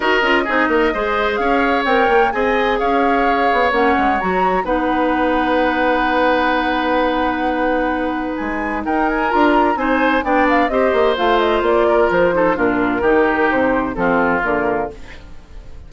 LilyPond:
<<
  \new Staff \with { instrumentName = "flute" } { \time 4/4 \tempo 4 = 129 dis''2. f''4 | g''4 gis''4 f''2 | fis''4 ais''4 fis''2~ | fis''1~ |
fis''2 gis''4 g''8 gis''8 | ais''4 gis''4 g''8 f''8 dis''4 | f''8 dis''8 d''4 c''4 ais'4~ | ais'4 c''4 a'4 ais'4 | }
  \new Staff \with { instrumentName = "oboe" } { \time 4/4 ais'4 gis'8 ais'8 c''4 cis''4~ | cis''4 dis''4 cis''2~ | cis''2 b'2~ | b'1~ |
b'2. ais'4~ | ais'4 c''4 d''4 c''4~ | c''4. ais'4 a'8 f'4 | g'2 f'2 | }
  \new Staff \with { instrumentName = "clarinet" } { \time 4/4 fis'8 f'8 dis'4 gis'2 | ais'4 gis'2. | cis'4 fis'4 dis'2~ | dis'1~ |
dis'1 | f'4 dis'4 d'4 g'4 | f'2~ f'8 dis'8 d'4 | dis'2 c'4 ais4 | }
  \new Staff \with { instrumentName = "bassoon" } { \time 4/4 dis'8 cis'8 c'8 ais8 gis4 cis'4 | c'8 ais8 c'4 cis'4. b8 | ais8 gis8 fis4 b2~ | b1~ |
b2 gis4 dis'4 | d'4 c'4 b4 c'8 ais8 | a4 ais4 f4 ais,4 | dis4 c4 f4 d4 | }
>>